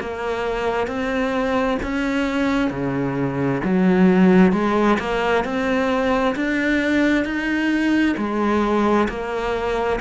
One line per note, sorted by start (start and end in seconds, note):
0.00 0.87 A#3
0.87 1.78 C4
1.83 2.70 C#4
2.70 3.61 C#3
3.64 4.52 F#3
4.52 4.98 G#3
4.99 5.44 A#3
5.44 6.35 C4
6.36 7.25 D4
7.25 8.16 D#4
8.17 9.08 G#3
9.09 10.00 A#3